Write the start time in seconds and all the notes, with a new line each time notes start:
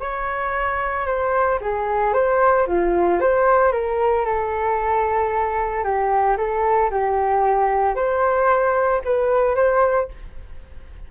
0.00 C#5
1.06 C5
1.61 G#4
2.13 C5
2.67 F4
3.20 C5
3.72 A#4
4.25 A4
5.83 G4
6.37 A4
6.90 G4
7.95 C5
9.04 B4
9.55 C5